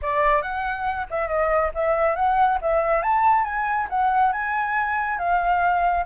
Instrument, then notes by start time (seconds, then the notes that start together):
flute
0.02 D5
0.42 F#5
1.10 E5
1.28 D#5
1.74 E5
2.15 F#5
2.61 E5
3.02 A5
3.44 G#5
3.89 F#5
4.32 G#5
5.18 F5